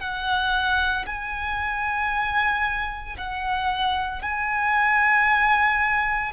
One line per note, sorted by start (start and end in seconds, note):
0.00 1.05 F#5
1.06 3.17 G#5
3.18 4.22 F#5
4.22 6.33 G#5